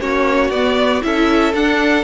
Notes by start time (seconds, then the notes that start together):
0.00 A#3 C#4 F#4 C#5
0.50 B3 D5
1.01 C#4 E4 A4 E5
1.54 D4 F#5